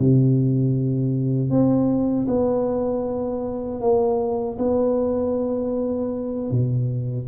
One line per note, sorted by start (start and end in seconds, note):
0.00 1.50 C3
1.50 2.27 C4
2.28 3.81 B3
3.81 4.58 A#3
4.59 6.51 B3
6.51 7.28 B2